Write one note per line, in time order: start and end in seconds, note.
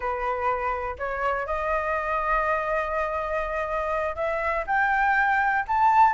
0.00 0.96 B4
0.98 1.46 C#5
1.46 4.15 D#5
4.15 4.65 E5
4.67 5.65 G5
5.67 6.14 A5